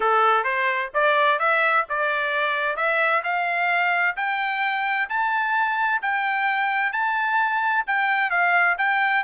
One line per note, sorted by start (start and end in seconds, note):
0.00 0.44 A4
0.44 0.90 C5
0.94 1.39 D5
1.39 1.85 E5
1.89 2.76 D5
2.76 3.22 E5
3.23 4.15 F5
4.16 5.09 G5
5.09 6.01 A5
6.01 6.92 G5
6.92 7.84 A5
7.86 8.30 G5
8.30 8.76 F5
8.77 9.23 G5